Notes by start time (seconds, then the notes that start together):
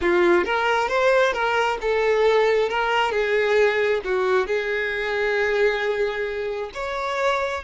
0.01 F4
0.44 A#4
0.88 C5
1.33 A#4
1.81 A4
2.69 A#4
3.11 G#4
4.04 F#4
4.47 G#4
6.74 C#5